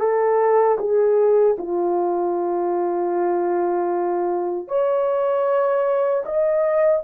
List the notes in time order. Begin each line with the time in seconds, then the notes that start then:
0.00 A4
0.79 G#4
1.58 F4
4.68 C#5
6.26 D#5